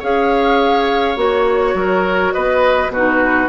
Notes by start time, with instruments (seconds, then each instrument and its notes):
0.00 bassoon C#4, clarinet G#4, oboe C#5, flute F5
1.17 bassoon A#3, clarinet F#4, flute C#5
1.75 bassoon F#3, oboe A#4
2.33 bassoon B3, oboe B4, flute D#5
2.89 bassoon B2, oboe F#4, flute B4
2.97 clarinet D#4